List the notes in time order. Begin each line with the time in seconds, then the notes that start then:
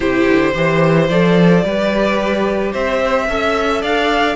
0.00 C3 E4 G4 C5
0.28 D3
0.54 E3 G4 C5
1.09 F3 A4 D5
1.63 G3 G4 B4
2.72 C4 C5 E5
3.28 C#4 A4 E5
3.81 D4 D5 F5